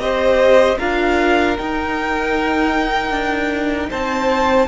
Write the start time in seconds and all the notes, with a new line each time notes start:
0.00 C4 G4 C5 D#5
0.79 D4 F4 A#4 F5
1.58 D#4 G5
3.11 D4
3.91 C4 C5 A5